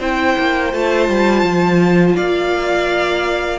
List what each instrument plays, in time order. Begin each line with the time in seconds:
0.00 cello C4, viola E4, violin C5 G5
0.38 cello A#3
0.73 cello A3, viola F4, violin A5
1.09 cello G3
1.43 cello F3
2.16 cello A#3, violin D5 F5